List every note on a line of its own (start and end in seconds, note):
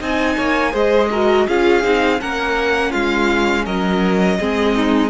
0.00 0.37 C4
0.00 0.71 D#4
0.00 0.37 D#5
0.00 0.75 G#5
0.37 0.74 A#3
0.37 0.73 C#5
0.71 1.47 G#3
0.71 1.08 G#4
0.71 1.09 C5
0.71 1.48 D#5
1.11 1.48 F#4
1.11 1.47 A#4
1.48 1.84 C#4
1.48 1.83 F4
1.48 2.21 G#4
1.48 2.21 F5
1.83 2.21 C4
1.83 2.20 D#4
2.21 2.94 A#3
2.21 4.40 C#4
2.21 2.91 A#4
2.21 2.92 F#5
2.91 3.66 G#3
2.91 3.64 F4
2.91 3.65 F5
3.65 4.40 F#3
3.65 4.38 A#4
3.65 5.11 D#5
4.39 5.11 G#3
4.39 5.11 C4
4.39 4.76 G#4
4.76 5.11 D#4